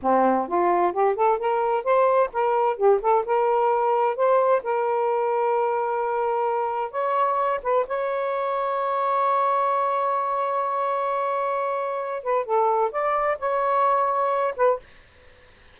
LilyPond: \new Staff \with { instrumentName = "saxophone" } { \time 4/4 \tempo 4 = 130 c'4 f'4 g'8 a'8 ais'4 | c''4 ais'4 g'8 a'8 ais'4~ | ais'4 c''4 ais'2~ | ais'2. cis''4~ |
cis''8 b'8 cis''2.~ | cis''1~ | cis''2~ cis''8 b'8 a'4 | d''4 cis''2~ cis''8 b'8 | }